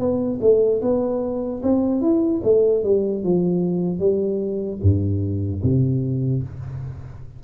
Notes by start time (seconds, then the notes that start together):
0.00 B3
0.41 A3
0.82 B3
1.63 C4
2.01 E4
2.44 A3
2.84 G3
3.24 F3
4.00 G3
4.83 G2
5.63 C3